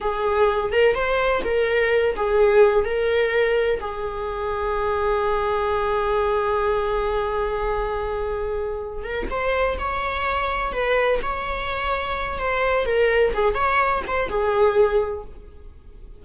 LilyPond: \new Staff \with { instrumentName = "viola" } { \time 4/4 \tempo 4 = 126 gis'4. ais'8 c''4 ais'4~ | ais'8 gis'4. ais'2 | gis'1~ | gis'1~ |
gis'2. ais'8 c''8~ | c''8 cis''2 b'4 cis''8~ | cis''2 c''4 ais'4 | gis'8 cis''4 c''8 gis'2 | }